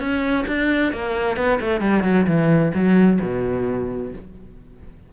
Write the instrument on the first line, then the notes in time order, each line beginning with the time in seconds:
cello
0.00 C#4
0.48 D4
0.93 A#3
1.37 B3
1.61 A3
1.81 G3
2.04 F#3
2.27 E3
2.75 F#3
3.22 B2